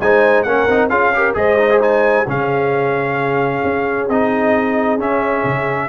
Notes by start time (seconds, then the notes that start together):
0.00 G#3 D#4 C5 G#5
0.43 A#3 C#4 A#4 F#5
0.67 C4 D#4
0.89 C#4 F4 G#4 F5
1.14 G4 A#4
1.34 G#3 G#4 C5 D#5
1.59 D#4
1.70 G#4
1.80 D#4 G#5
2.27 C#3 C#4 G#4 F5
3.63 C#4
4.08 C4 D#4 D#5
4.98 C#4 E5
5.44 C#3